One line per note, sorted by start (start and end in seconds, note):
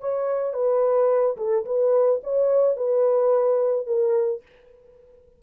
0.00 0.53 C#5
0.53 1.36 B4
1.37 1.65 A4
1.65 2.21 B4
2.23 2.76 C#5
2.76 3.86 B4
3.86 4.42 A#4